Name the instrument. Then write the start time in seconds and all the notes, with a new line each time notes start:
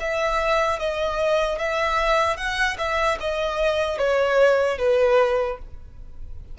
violin
0.00 E5
0.79 D#5
1.59 E5
2.37 F#5
2.78 E5
3.20 D#5
3.98 C#5
4.78 B4